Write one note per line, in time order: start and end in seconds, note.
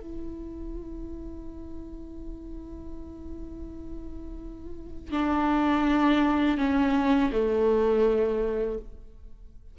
0.00 5.12 E4
5.12 6.58 D4
6.58 7.31 C#4
7.32 8.79 A3